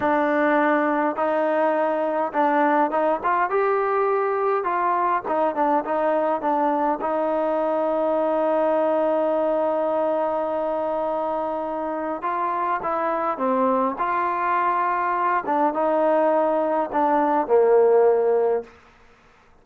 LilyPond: \new Staff \with { instrumentName = "trombone" } { \time 4/4 \tempo 4 = 103 d'2 dis'2 | d'4 dis'8 f'8 g'2 | f'4 dis'8 d'8 dis'4 d'4 | dis'1~ |
dis'1~ | dis'4 f'4 e'4 c'4 | f'2~ f'8 d'8 dis'4~ | dis'4 d'4 ais2 | }